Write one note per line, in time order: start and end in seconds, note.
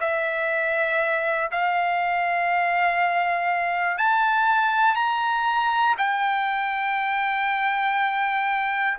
0.00 1.50 E5
1.51 3.98 F5
3.98 4.95 A5
4.95 5.95 A#5
5.98 8.98 G5